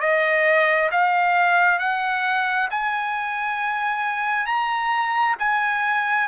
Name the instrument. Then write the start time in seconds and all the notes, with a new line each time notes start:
trumpet
0.00 D#5
0.91 F5
1.79 F#5
2.70 G#5
4.46 A#5
5.39 G#5